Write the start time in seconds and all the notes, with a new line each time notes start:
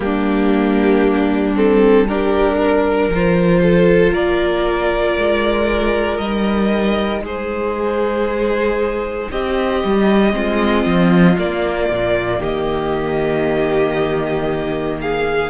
0.00 G3 A#3 D4 G4
1.55 C4 A4
2.07 D4 G4 A#4
2.56 A#4
3.08 F3 F4
3.14 C5
3.62 A4
4.12 A#3 A#4 D5
5.17 G#3
6.18 G3 D#4 D#5
7.21 G#3 G#4 C5
9.31 C4 G4 D#5
9.84 G3
10.31 G#3 C4 F4
10.85 F3
11.38 A#3 D5
11.89 A#2
12.39 D#3 G4 D#5
15.00 G#4 F5